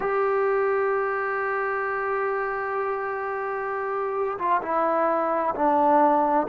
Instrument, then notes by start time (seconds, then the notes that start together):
trombone
0.00 G4
4.38 F4
4.62 E4
5.55 D4